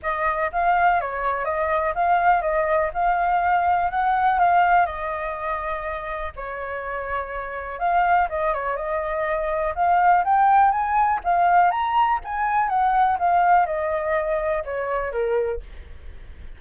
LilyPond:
\new Staff \with { instrumentName = "flute" } { \time 4/4 \tempo 4 = 123 dis''4 f''4 cis''4 dis''4 | f''4 dis''4 f''2 | fis''4 f''4 dis''2~ | dis''4 cis''2. |
f''4 dis''8 cis''8 dis''2 | f''4 g''4 gis''4 f''4 | ais''4 gis''4 fis''4 f''4 | dis''2 cis''4 ais'4 | }